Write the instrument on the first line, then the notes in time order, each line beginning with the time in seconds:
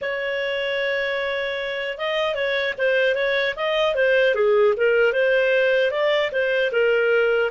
clarinet
0.01 C#5
1.98 D#5
2.34 C#5
2.78 C5
3.15 C#5
3.56 D#5
3.95 C5
4.35 G#4
4.77 A#4
5.12 C5
5.91 D5
6.32 C5
6.71 A#4